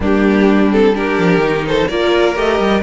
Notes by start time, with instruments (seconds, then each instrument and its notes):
0.00 cello G3, viola A#3, violin D4 G4
0.71 viola C4, violin A4
0.94 viola D4, violin G4 A#4
1.17 cello F3
1.37 cello D#3, viola D#4
1.67 violin A4 C5
1.88 cello A#3, viola F4, violin A#4 D5
2.34 cello A3, viola G4, violin D#5
2.59 cello G3